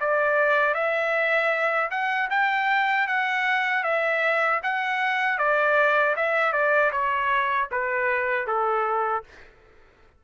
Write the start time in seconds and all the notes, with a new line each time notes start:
0.00 D5
0.74 E5
1.91 F#5
2.30 G5
3.08 F#5
3.84 E5
4.63 F#5
5.38 D5
6.16 E5
6.52 D5
6.92 C#5
7.71 B4
8.47 A4